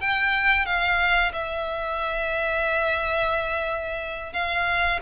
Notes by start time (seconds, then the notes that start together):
0.00 G5
0.65 F5
1.33 E5
4.32 F5